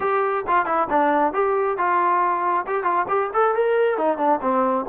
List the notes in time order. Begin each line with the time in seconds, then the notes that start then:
0.00 G4
0.47 F4
0.65 E4
0.89 D4
1.33 G4
1.77 F4
2.66 G4
2.83 F4
3.08 G4
3.33 A4
3.54 A#4
3.97 D#4
4.17 D4
4.41 C4